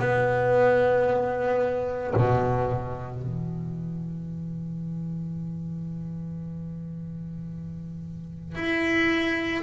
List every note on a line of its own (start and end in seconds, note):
0.00 2.14 B3
2.17 3.22 B2
3.22 8.56 E3
8.56 9.63 E4